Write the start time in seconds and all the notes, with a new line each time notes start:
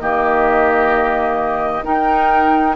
0.00 D#3 A#3 G4 D#5
1.83 D#4 A#4 G5